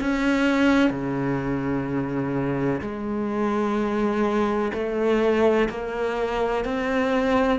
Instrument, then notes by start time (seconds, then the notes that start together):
cello
0.00 C#4
0.90 C#3
2.81 G#3
4.73 A3
5.69 A#3
6.64 C4